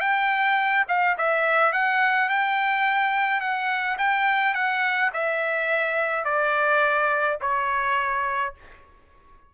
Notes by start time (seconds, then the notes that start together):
0.00 G5
0.88 F5
1.18 E5
1.72 F#5
2.29 G5
3.40 F#5
3.98 G5
4.54 F#5
5.13 E5
6.24 D5
7.41 C#5